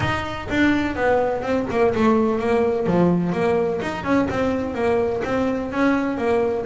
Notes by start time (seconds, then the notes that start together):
0.00 D#4
0.50 D4
0.95 B3
1.42 C4
1.70 A#3
1.94 A3
2.39 A#3
2.86 F3
3.32 A#3
3.81 D#4
4.04 C#4
4.29 C4
4.74 A#3
5.24 C4
5.71 C#4
6.17 A#3